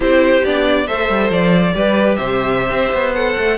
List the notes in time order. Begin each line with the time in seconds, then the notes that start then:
0.00 C4 E4 G4 C5
0.44 B3 D4 D5
0.86 A3 A4 C5 E5
1.09 G3
1.30 F3 D5
1.74 G3 G4 B4
2.15 C3 C5 E5
2.70 C4
2.92 B3
3.15 A4 F#5
3.37 A3